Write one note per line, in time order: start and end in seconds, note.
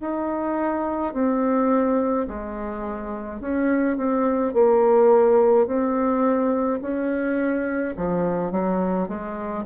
0.00 1.13 D#4
1.13 2.26 C4
2.27 3.41 G#3
3.41 3.97 C#4
3.97 4.53 C4
4.53 5.66 A#3
5.67 6.80 C4
6.81 7.94 C#4
7.97 8.51 F3
8.51 9.08 F#3
9.08 9.64 G#3